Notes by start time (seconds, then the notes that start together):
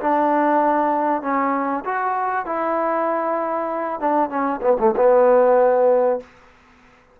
0.00 D4
1.22 C#4
1.84 F#4
2.45 E4
4.00 D4
4.29 C#4
4.61 B3
4.79 A3
4.96 B3